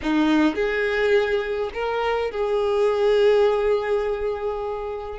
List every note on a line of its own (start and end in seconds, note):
0.02 0.55 D#4
0.55 1.70 G#4
1.73 2.31 A#4
2.31 5.18 G#4